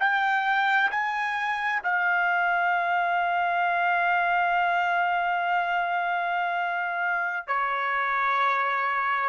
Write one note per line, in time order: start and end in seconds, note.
0.00 0.91 G5
0.92 1.83 G#5
1.84 7.48 F5
7.48 9.30 C#5